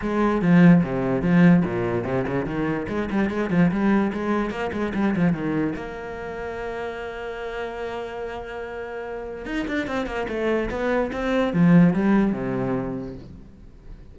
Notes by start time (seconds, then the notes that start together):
0.01 G#3
0.41 F3
0.83 C3
1.22 F3
1.65 A#2
2.04 C3
2.27 C#3
2.45 D#3
2.88 G#3
3.10 G3
3.30 G#3
3.50 F3
3.71 G3
4.12 G#3
4.50 A#3
4.72 G#3
4.94 G3
5.16 F3
5.32 D#3
5.75 A#3
9.45 D#4
9.67 D4
9.87 C4
10.06 A#3
10.28 A3
10.70 B3
11.12 C4
11.53 F3
11.93 G3
12.32 C3